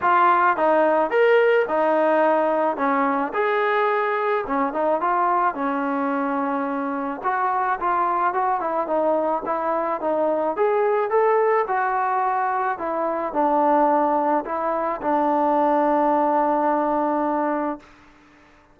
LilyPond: \new Staff \with { instrumentName = "trombone" } { \time 4/4 \tempo 4 = 108 f'4 dis'4 ais'4 dis'4~ | dis'4 cis'4 gis'2 | cis'8 dis'8 f'4 cis'2~ | cis'4 fis'4 f'4 fis'8 e'8 |
dis'4 e'4 dis'4 gis'4 | a'4 fis'2 e'4 | d'2 e'4 d'4~ | d'1 | }